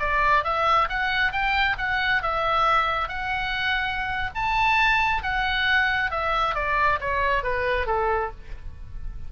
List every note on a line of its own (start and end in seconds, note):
0.00 0.44 D5
0.45 0.89 E5
0.90 1.32 F#5
1.32 1.77 G5
1.78 2.23 F#5
2.23 3.09 E5
3.09 4.31 F#5
4.35 5.23 A5
5.23 6.11 F#5
6.11 6.55 E5
6.55 7.00 D5
7.01 7.44 C#5
7.44 7.87 B4
7.87 8.31 A4